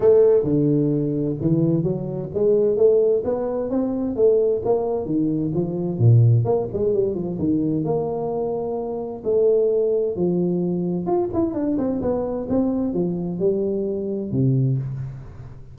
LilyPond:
\new Staff \with { instrumentName = "tuba" } { \time 4/4 \tempo 4 = 130 a4 d2 e4 | fis4 gis4 a4 b4 | c'4 a4 ais4 dis4 | f4 ais,4 ais8 gis8 g8 f8 |
dis4 ais2. | a2 f2 | f'8 e'8 d'8 c'8 b4 c'4 | f4 g2 c4 | }